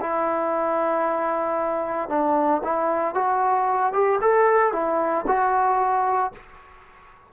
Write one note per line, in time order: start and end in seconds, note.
0.00 2.09 E4
2.09 2.61 D4
2.63 3.14 E4
3.14 3.93 F#4
3.93 4.19 G4
4.21 4.72 A4
4.72 5.25 E4
5.27 6.32 F#4